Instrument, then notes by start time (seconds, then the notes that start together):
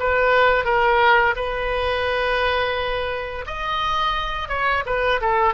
oboe
0.00 B4
0.65 A#4
1.36 B4
3.47 D#5
4.49 C#5
4.86 B4
5.21 A4